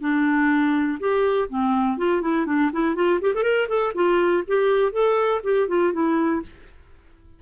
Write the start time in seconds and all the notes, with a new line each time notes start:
0.00 D4
0.99 G4
1.49 C4
1.98 F4
2.22 E4
2.46 D4
2.72 E4
2.95 F4
3.21 G4
3.34 A4
3.43 A#4
3.68 A4
3.94 F4
4.47 G4
4.92 A4
5.43 G4
5.68 F4
5.93 E4